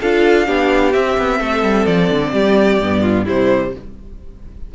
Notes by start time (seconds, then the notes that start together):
0.00 D4 F4 A4 F5
0.46 B3 D4 G4
0.93 C4 E5
1.17 B3
1.38 A3 A4
1.62 G3
1.86 F3 D5
2.09 D3
2.33 G3 G4
2.80 G2 B3
3.02 F4
3.24 C3 G3 E4 C5